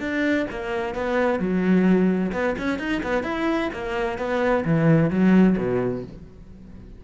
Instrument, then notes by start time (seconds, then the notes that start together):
cello
0.00 D4
0.51 A#3
0.95 B3
1.40 F#3
2.32 B3
2.58 C#4
2.79 D#4
3.03 B3
3.23 E4
3.73 A#3
4.18 B3
4.65 E3
5.10 F#3
5.57 B2